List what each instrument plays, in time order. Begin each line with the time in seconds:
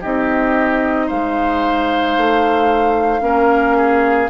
0.00 bassoon C4, clarinet D#4, oboe G4, flute D#5
1.06 bassoon G#3, oboe C5, flute F5
2.17 bassoon A3
3.21 bassoon A#3, clarinet C#4, oboe A#4
3.77 oboe G#4